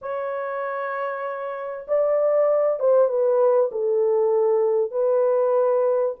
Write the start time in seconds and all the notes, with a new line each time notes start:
0.01 C#5
1.87 D5
2.79 C5
3.08 B4
3.71 A4
4.91 B4